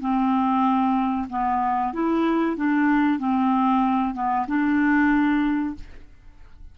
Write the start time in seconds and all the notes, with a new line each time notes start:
0.00 C4
1.29 B3
1.93 E4
2.56 D4
3.19 C4
4.14 B3
4.47 D4